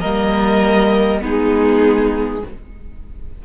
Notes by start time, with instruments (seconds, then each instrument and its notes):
0.00 cello G3, viola A#3, violin A#4 D#5
1.20 cello G#3, viola B3, violin D#4 G#4